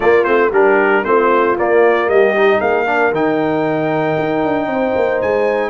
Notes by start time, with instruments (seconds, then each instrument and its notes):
0.00 trombone A#3, tuba A#3, horn F4, trumpet D5
0.23 tuba A3, trombone C4, trumpet C5
0.50 tuba G3, trombone D4, horn G4, trumpet A#4
1.04 tuba A3, trombone C4, horn F4, trumpet C5
1.56 trombone A#3, tuba A#3, trumpet D5
2.07 tuba G3, horn G4, trumpet D#5
2.36 trombone D#4
2.59 tuba A#3, horn G#4, trumpet F5
2.85 trombone D4, horn A#4
3.11 tuba D#3, trombone D#4, trumpet G5
4.18 tuba D#4
4.44 tuba D4
4.66 tuba C4, horn C5
4.96 tuba A#3
5.21 tuba G#3, trumpet G#5